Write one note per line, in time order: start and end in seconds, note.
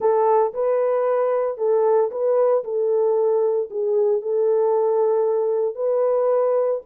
0.00 0.53 A4
0.53 1.57 B4
1.57 2.10 A4
2.11 2.63 B4
2.64 3.69 A4
3.70 4.21 G#4
4.21 5.75 A4
5.75 6.80 B4